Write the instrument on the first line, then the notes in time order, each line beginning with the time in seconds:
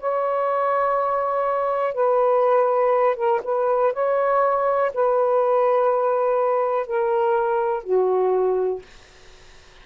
saxophone
0.00 C#5
1.94 B4
3.17 A#4
3.44 B4
3.94 C#5
4.94 B4
6.87 A#4
7.84 F#4